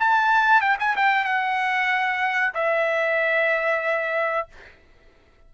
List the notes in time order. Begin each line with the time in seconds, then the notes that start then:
0.00 A5
0.61 G5
0.80 G#5
0.96 G5
1.25 F#5
2.55 E5